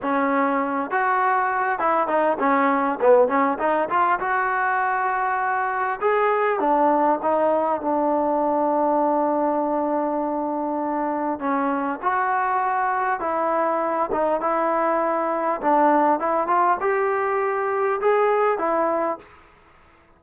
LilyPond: \new Staff \with { instrumentName = "trombone" } { \time 4/4 \tempo 4 = 100 cis'4. fis'4. e'8 dis'8 | cis'4 b8 cis'8 dis'8 f'8 fis'4~ | fis'2 gis'4 d'4 | dis'4 d'2.~ |
d'2. cis'4 | fis'2 e'4. dis'8 | e'2 d'4 e'8 f'8 | g'2 gis'4 e'4 | }